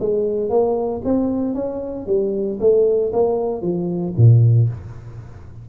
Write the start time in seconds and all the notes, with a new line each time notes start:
0.00 G#3
0.50 A#3
1.05 C4
1.55 C#4
2.07 G3
2.60 A3
3.13 A#3
3.62 F3
4.17 A#2